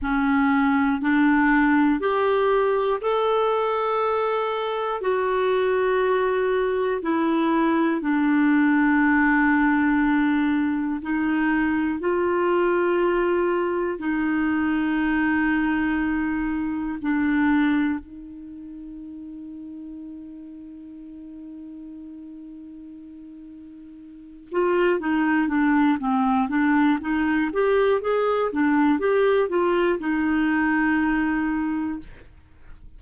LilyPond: \new Staff \with { instrumentName = "clarinet" } { \time 4/4 \tempo 4 = 60 cis'4 d'4 g'4 a'4~ | a'4 fis'2 e'4 | d'2. dis'4 | f'2 dis'2~ |
dis'4 d'4 dis'2~ | dis'1~ | dis'8 f'8 dis'8 d'8 c'8 d'8 dis'8 g'8 | gis'8 d'8 g'8 f'8 dis'2 | }